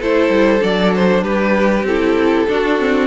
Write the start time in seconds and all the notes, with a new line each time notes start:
0.00 A3 E4 A4 C5
0.30 G3
0.61 F#3 D4 D5
0.95 C5
1.23 G3 G4 B4
1.84 C4 E4 A4
2.49 D4 F#4
2.79 C4